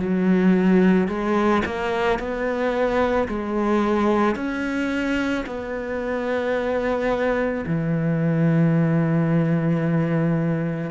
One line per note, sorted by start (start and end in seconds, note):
0.00 1.08 F#3
1.08 1.63 G#3
1.66 2.19 A#3
2.19 3.28 B3
3.29 4.36 G#3
4.36 5.45 C#4
5.47 7.65 B3
7.67 10.91 E3